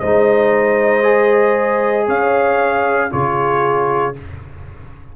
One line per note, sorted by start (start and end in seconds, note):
0.00 2.08 G#3
0.00 1.03 D#4
0.00 2.07 C5
0.00 2.07 D#5
1.03 3.10 G#4
2.07 3.12 C#4
2.07 3.10 C#5
2.07 3.12 F5
3.11 4.17 C#3
3.11 4.14 F4
3.11 4.16 G#4
3.11 4.16 C#5